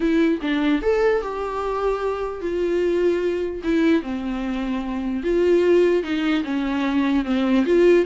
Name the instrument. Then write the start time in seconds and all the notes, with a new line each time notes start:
viola
0.00 E4
0.41 D4
0.82 A4
1.22 G4
2.41 F4
3.63 E4
4.02 C4
5.23 F4
6.03 D#4
6.44 C#4
7.24 C4
7.65 F4